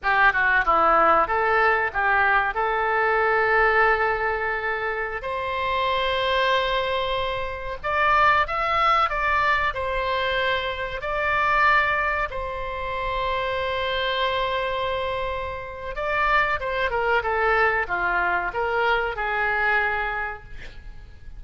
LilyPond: \new Staff \with { instrumentName = "oboe" } { \time 4/4 \tempo 4 = 94 g'8 fis'8 e'4 a'4 g'4 | a'1~ | a'16 c''2.~ c''8.~ | c''16 d''4 e''4 d''4 c''8.~ |
c''4~ c''16 d''2 c''8.~ | c''1~ | c''4 d''4 c''8 ais'8 a'4 | f'4 ais'4 gis'2 | }